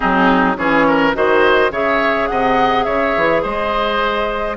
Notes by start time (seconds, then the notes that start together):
0.00 F#3 C4 D#4 G#4
0.56 E3 C#4 G#4 C#5
0.87 A#4
1.13 D#3 F#4 C5 D#5
1.71 C#3 G#4 C#5 E5
2.27 C3 D#5 F#5
2.83 C#3 C#5 E5
3.16 E3
3.42 G#3 C5 D#5